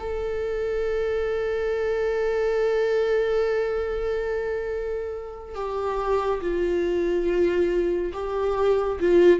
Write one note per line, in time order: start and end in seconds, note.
0.00 5.55 A4
5.55 6.41 G4
6.41 8.13 F4
8.14 8.99 G4
9.00 9.40 F4